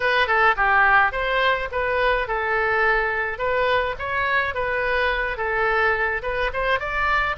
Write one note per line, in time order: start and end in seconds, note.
0.00 0.27 B4
0.27 0.55 A4
0.56 1.12 G4
1.12 1.68 C5
1.71 2.27 B4
2.27 3.38 A4
3.38 3.95 B4
3.99 4.54 C#5
4.54 5.37 B4
5.37 6.22 A4
6.22 6.50 B4
6.53 6.79 C5
6.79 7.36 D5